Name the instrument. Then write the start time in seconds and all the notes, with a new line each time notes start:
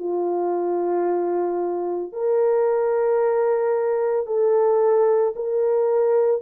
horn
0.00 F4
2.13 A#4
4.27 A4
5.36 A#4